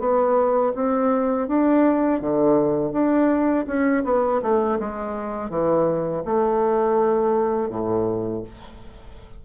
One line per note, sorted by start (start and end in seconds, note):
0.00 0.73 B3
0.75 1.48 C4
1.48 2.21 D4
2.21 2.93 D3
2.93 3.66 D4
3.67 4.04 C#4
4.04 4.41 B3
4.42 4.79 A3
4.80 5.50 G#3
5.50 6.23 E3
6.26 7.70 A3
7.70 8.43 A2